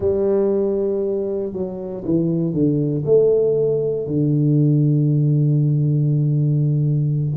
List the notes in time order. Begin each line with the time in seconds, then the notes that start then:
0.00 G3
1.53 F#3
2.04 E3
2.53 D3
3.05 A3
4.07 D3